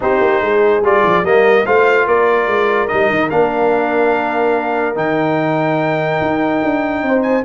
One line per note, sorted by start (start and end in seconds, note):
0.00 0.20 C4
0.00 0.82 D#4
0.00 0.42 G4
0.00 0.84 C5
0.20 0.41 A#3
0.41 0.82 G#3
0.41 1.25 G#4
0.82 1.02 G3
0.82 1.24 F4
0.82 1.25 D5
1.04 1.23 F3
1.23 1.64 G3
1.23 1.65 A#3
1.23 1.65 A#4
1.23 1.66 D#5
1.65 2.06 A3
1.65 2.88 F4
1.65 2.07 C5
1.65 2.07 F5
2.06 2.47 A#3
2.06 7.03 A#4
2.06 2.87 D5
2.47 2.88 G#3
2.87 3.10 G3
2.87 3.30 D#4
2.87 3.29 D#5
3.10 3.30 D#3
3.30 4.96 A#3
3.30 4.95 D4
3.30 4.95 F5
4.95 6.20 D#3
4.95 7.43 D#4
4.95 7.22 G5
6.21 6.62 D#4
6.63 7.02 D4
7.02 7.44 C4
7.02 7.44 C5
7.22 7.43 G#5